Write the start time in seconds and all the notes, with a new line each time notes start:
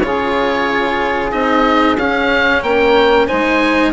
0.00 C#3 F4 G#4 C#5
1.31 C4 D#4 D#5
1.97 C#4 F5
2.62 A#3 A#4 G5
3.26 G#3 D#4 C5 G#5